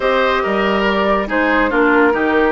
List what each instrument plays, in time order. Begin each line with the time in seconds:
0.00 bassoon C4, clarinet G4, oboe C5, flute D#5
0.42 bassoon G3, oboe A#4
0.84 flute D5
1.27 bassoon G#3, clarinet D#4, oboe G#4, flute C5
1.70 bassoon A#3, clarinet D4, oboe F4, flute A#4
2.12 bassoon D#3, clarinet D#4, oboe G4